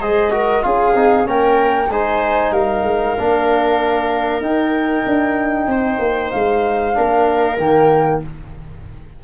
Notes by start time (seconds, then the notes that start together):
0.00 G#3 G#4 C5 D#5
0.31 F#4 A#4
0.62 C#4 F4 G#4 F5
0.95 C4 D#4
1.25 A#3 C#4 A#4 G5
1.89 G#3 D#4 C5 G#5
2.52 G3 A#4 F5
2.84 G#3
3.19 A#3 D4
4.41 D#4 G5
5.06 D4
5.67 C4 C5
5.99 A#3
6.31 G#3 F5
6.94 A#3 D4 A#4
7.58 D#3 A#3 G5